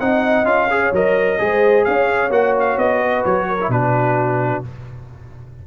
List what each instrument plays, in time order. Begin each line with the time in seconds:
0.00 tuba C4, trombone D#4, horn D#5, trumpet F#5
0.45 tuba C#4, trombone F4, trumpet F5
0.70 trombone G#4, horn C#5
0.93 tuba F#3, trombone A#4, trumpet D#5
1.39 tuba G#3, trombone G#4, horn C5
1.85 tuba C#4, horn C#5, trumpet F5
2.30 tuba A#3, trombone F#4, trumpet F#5
2.60 trumpet F5
2.78 tuba B3, trumpet D#5
3.03 horn B4
3.25 tuba F#3, trumpet C#5
3.49 horn A#4
3.61 trombone E4
3.69 tuba B2, trombone D4, horn F#4, trumpet B4